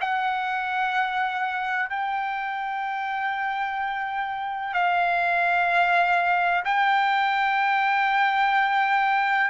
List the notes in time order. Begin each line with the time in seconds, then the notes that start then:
0.00 F#5
1.89 G5
4.73 F5
6.65 G5